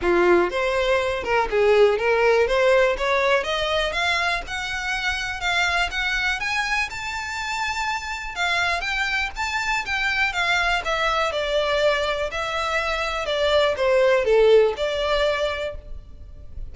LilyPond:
\new Staff \with { instrumentName = "violin" } { \time 4/4 \tempo 4 = 122 f'4 c''4. ais'8 gis'4 | ais'4 c''4 cis''4 dis''4 | f''4 fis''2 f''4 | fis''4 gis''4 a''2~ |
a''4 f''4 g''4 a''4 | g''4 f''4 e''4 d''4~ | d''4 e''2 d''4 | c''4 a'4 d''2 | }